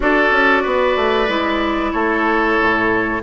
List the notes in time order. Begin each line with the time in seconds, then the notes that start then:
0.00 D4 F#4 A4 D5
0.31 C#4
0.62 B3 B4
0.96 A3
1.28 G#3 E4
1.92 A3 A4 C#5
2.60 A2